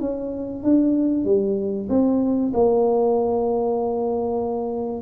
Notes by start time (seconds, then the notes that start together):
0.00 C#4
0.63 D4
1.25 G3
1.89 C4
2.54 A#3